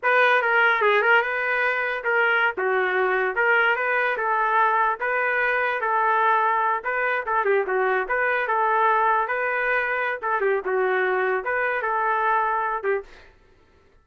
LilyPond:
\new Staff \with { instrumentName = "trumpet" } { \time 4/4 \tempo 4 = 147 b'4 ais'4 gis'8 ais'8 b'4~ | b'4 ais'4~ ais'16 fis'4.~ fis'16~ | fis'16 ais'4 b'4 a'4.~ a'16~ | a'16 b'2 a'4.~ a'16~ |
a'8. b'4 a'8 g'8 fis'4 b'16~ | b'8. a'2 b'4~ b'16~ | b'4 a'8 g'8 fis'2 | b'4 a'2~ a'8 g'8 | }